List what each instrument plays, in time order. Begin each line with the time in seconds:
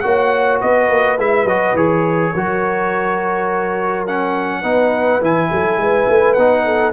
0.00 tuba A#3, trombone F#4, horn C#5, trumpet F#5
0.60 tuba B3, horn B4, trumpet D#5
0.89 tuba A#3
1.18 tuba G#3, trombone E4, trumpet E5
1.45 tuba F#3, trombone F#4, trumpet D#5
1.74 tuba E3, trombone G#4, trumpet C#5
2.33 tuba F#3, trombone F#4, horn A#4
4.07 trombone C#4, trumpet F#5
4.61 tuba B3, trombone D#4, horn B4
5.21 tuba E3, trombone E4, trumpet G#5
5.52 tuba F#3, horn A4
5.77 tuba G#3, horn B4
6.08 tuba A3
6.34 tuba B3, trombone D#4, trumpet F#5
6.65 horn A4